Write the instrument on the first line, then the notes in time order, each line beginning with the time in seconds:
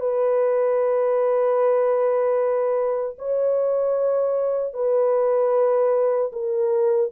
horn
0.00 B4
3.18 C#5
4.74 B4
6.32 A#4